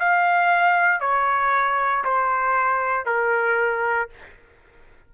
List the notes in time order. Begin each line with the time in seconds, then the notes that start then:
0.00 F5
1.01 C#5
2.05 C5
3.06 A#4